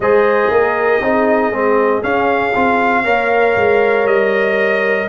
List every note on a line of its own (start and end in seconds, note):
0.00 0.49 G#3
0.00 1.02 G#4
0.00 0.51 C5
0.00 2.03 D#5
0.50 1.00 A#3
0.50 1.01 A#4
1.01 1.51 C4
1.01 1.52 D#4
1.01 3.03 G#4
1.51 2.02 G#3
1.51 2.02 C4
2.02 2.53 C#4
2.02 2.54 C#4
2.02 4.06 F5
2.54 3.05 C4
2.54 3.04 F4
3.03 3.56 A#3
3.03 5.07 A#4
3.03 5.07 C#5
3.56 4.05 G#3
4.05 5.07 G3
4.05 5.08 D#5